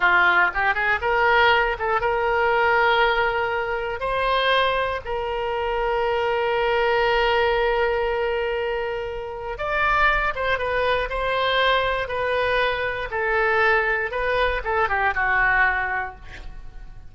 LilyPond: \new Staff \with { instrumentName = "oboe" } { \time 4/4 \tempo 4 = 119 f'4 g'8 gis'8 ais'4. a'8 | ais'1 | c''2 ais'2~ | ais'1~ |
ais'2. d''4~ | d''8 c''8 b'4 c''2 | b'2 a'2 | b'4 a'8 g'8 fis'2 | }